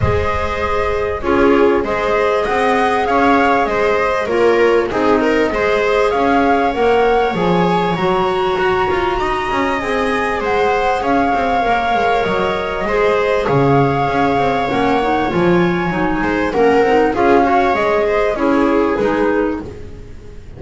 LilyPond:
<<
  \new Staff \with { instrumentName = "flute" } { \time 4/4 \tempo 4 = 98 dis''2 cis''4 dis''4 | fis''4 f''4 dis''4 cis''4 | dis''2 f''4 fis''4 | gis''4 ais''2. |
gis''4 fis''4 f''2 | dis''2 f''2 | fis''4 gis''2 fis''4 | f''4 dis''4 cis''4 b'4 | }
  \new Staff \with { instrumentName = "viola" } { \time 4/4 c''2 gis'4 c''4 | dis''4 cis''4 c''4 ais'4 | gis'8 ais'8 c''4 cis''2~ | cis''2. dis''4~ |
dis''4 c''4 cis''2~ | cis''4 c''4 cis''2~ | cis''2~ cis''8 c''8 ais'4 | gis'8 cis''4 c''8 gis'2 | }
  \new Staff \with { instrumentName = "clarinet" } { \time 4/4 gis'2 f'4 gis'4~ | gis'2. f'4 | dis'4 gis'2 ais'4 | gis'4 fis'2. |
gis'2. ais'4~ | ais'4 gis'2. | cis'8 dis'8 f'4 dis'4 cis'8 dis'8 | f'8 fis'8 gis'4 e'4 dis'4 | }
  \new Staff \with { instrumentName = "double bass" } { \time 4/4 gis2 cis'4 gis4 | c'4 cis'4 gis4 ais4 | c'4 gis4 cis'4 ais4 | f4 fis4 fis'8 f'8 dis'8 cis'8 |
c'4 gis4 cis'8 c'8 ais8 gis8 | fis4 gis4 cis4 cis'8 c'8 | ais4 f4 fis8 gis8 ais8 c'8 | cis'4 gis4 cis'4 gis4 | }
>>